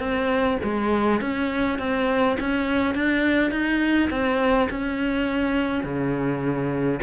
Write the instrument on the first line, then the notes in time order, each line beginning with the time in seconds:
cello
0.00 C4
0.64 G#3
1.21 C#4
1.79 C4
2.40 C#4
2.95 D4
3.51 D#4
4.11 C4
4.71 C#4
5.84 C#3